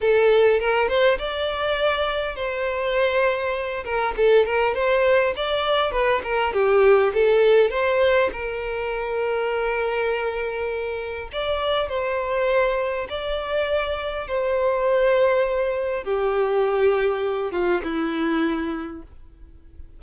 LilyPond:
\new Staff \with { instrumentName = "violin" } { \time 4/4 \tempo 4 = 101 a'4 ais'8 c''8 d''2 | c''2~ c''8 ais'8 a'8 ais'8 | c''4 d''4 b'8 ais'8 g'4 | a'4 c''4 ais'2~ |
ais'2. d''4 | c''2 d''2 | c''2. g'4~ | g'4. f'8 e'2 | }